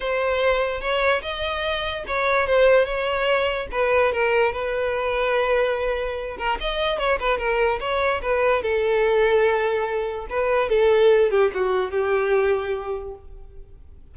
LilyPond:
\new Staff \with { instrumentName = "violin" } { \time 4/4 \tempo 4 = 146 c''2 cis''4 dis''4~ | dis''4 cis''4 c''4 cis''4~ | cis''4 b'4 ais'4 b'4~ | b'2.~ b'8 ais'8 |
dis''4 cis''8 b'8 ais'4 cis''4 | b'4 a'2.~ | a'4 b'4 a'4. g'8 | fis'4 g'2. | }